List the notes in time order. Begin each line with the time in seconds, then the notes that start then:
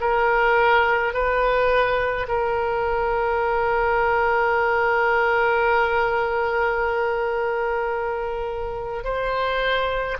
0.00 A#4
1.14 B4
2.28 A#4
9.04 C5